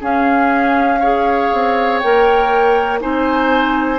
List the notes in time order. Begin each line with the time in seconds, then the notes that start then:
0.00 C#4 G#4 F5
1.00 G#4 C#5
1.53 C4
1.99 A#3 A#4 G5
3.01 C4 D#4 C5 G#5